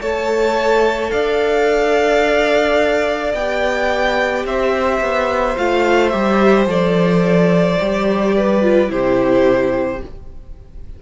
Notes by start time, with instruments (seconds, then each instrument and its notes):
0.00 cello A3, viola A4, violin C#5 A5
1.10 cello D4, violin D5 F5
3.34 cello B3, viola G4, violin G5
4.44 cello C4, violin C5 E5
5.00 cello B3
5.56 cello A3, viola F4, violin F5
6.09 cello G3, viola G4, violin E5
6.66 cello F3, viola A4, violin D5
7.80 cello G3, viola G4
8.37 violin B4
8.62 viola F4
8.88 cello C3, viola E4, violin G4 C5